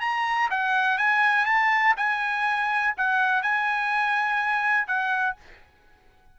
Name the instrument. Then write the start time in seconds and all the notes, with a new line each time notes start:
trumpet
0.00 A#5
0.50 F#5
0.98 G#5
1.45 A5
1.96 G#5
2.97 F#5
3.42 G#5
4.87 F#5